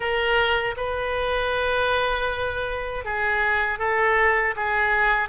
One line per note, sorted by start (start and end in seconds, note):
0.00 0.75 A#4
0.76 3.04 B4
3.04 3.78 G#4
3.78 4.54 A4
4.56 5.28 G#4